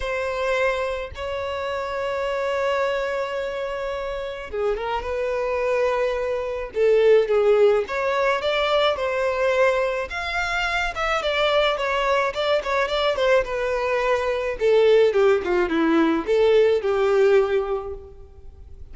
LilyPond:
\new Staff \with { instrumentName = "violin" } { \time 4/4 \tempo 4 = 107 c''2 cis''2~ | cis''1 | gis'8 ais'8 b'2. | a'4 gis'4 cis''4 d''4 |
c''2 f''4. e''8 | d''4 cis''4 d''8 cis''8 d''8 c''8 | b'2 a'4 g'8 f'8 | e'4 a'4 g'2 | }